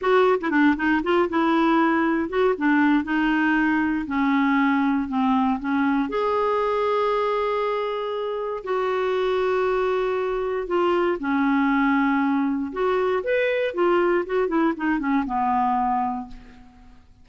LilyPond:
\new Staff \with { instrumentName = "clarinet" } { \time 4/4 \tempo 4 = 118 fis'8. e'16 d'8 dis'8 f'8 e'4.~ | e'8 fis'8 d'4 dis'2 | cis'2 c'4 cis'4 | gis'1~ |
gis'4 fis'2.~ | fis'4 f'4 cis'2~ | cis'4 fis'4 b'4 f'4 | fis'8 e'8 dis'8 cis'8 b2 | }